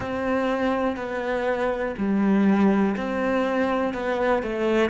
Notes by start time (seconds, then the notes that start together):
0.00 C4
0.96 B3
1.97 G3
2.96 C4
3.93 B3
4.43 A3